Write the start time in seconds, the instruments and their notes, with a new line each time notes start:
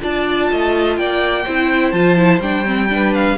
0.00 cello D4, viola F4, violin D5 A5
0.51 cello A3, violin D#5
0.97 cello A#3, violin D5 G5
1.44 cello C4, viola E4, violin C5
1.91 cello F3, viola F4, violin A5
2.17 viola E4
2.40 cello G3, viola D4, violin G5
2.65 viola C4
2.89 viola D4, violin B4
3.14 violin F5